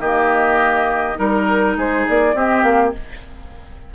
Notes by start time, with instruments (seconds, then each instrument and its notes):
0.00 bassoon D#3, clarinet A#3, oboe G4, flute D#5
1.16 bassoon G3, clarinet D#4, oboe A#4, flute A#4
1.77 bassoon G#3, oboe G#4, flute C5
2.09 bassoon A#3, flute D5
2.34 bassoon C4, clarinet C4, oboe G4, flute D#5
2.63 bassoon A#3, flute F5